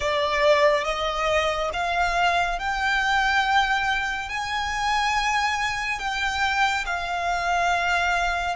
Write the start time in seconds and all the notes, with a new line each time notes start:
0.00 D5
0.84 D#5
1.73 F5
2.58 G5
4.29 G#5
5.99 G5
6.86 F5